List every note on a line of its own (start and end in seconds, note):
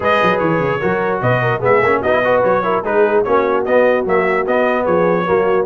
0.00 0.20 G#3
0.00 0.80 G#4
0.00 0.79 B4
0.00 0.38 D#5
0.23 0.40 F#3
0.38 0.60 E3
0.38 1.20 C#5
0.60 0.80 C#3
0.79 1.22 F#3
0.79 1.60 F#4
0.79 1.20 A#4
1.21 1.62 B2
1.21 1.42 B4
1.21 1.62 D#5
1.42 1.59 A#4
1.59 1.82 G#3
1.59 1.80 B3
1.59 1.99 G#4
1.59 2.02 E5
1.82 2.02 A#3
1.82 2.05 C#4
2.01 2.43 B3
2.01 2.12 D#4
2.01 2.21 F#4
2.01 2.42 D#5
2.12 2.22 E4
2.24 2.63 F#4
2.24 2.63 B4
2.44 2.83 F#3
2.44 2.84 C#5
2.63 2.83 E4
2.63 2.84 A#4
2.83 3.23 G#3
2.83 3.25 D#4
2.83 3.24 G#4
2.83 3.23 B4
3.23 3.66 A#3
3.23 3.66 C#4
3.23 4.83 F#4
3.23 3.64 C#5
3.65 4.06 B3
3.65 4.05 B3
3.65 4.05 D#5
4.05 4.45 F#3
4.05 4.47 A#3
4.05 4.47 E5
4.47 4.86 B3
4.47 5.26 B3
4.47 4.85 D#5
4.83 5.27 F3
4.83 5.24 G#4
4.83 5.66 C#5
5.25 5.66 F#3
5.25 5.66 A#3
5.25 5.66 F#4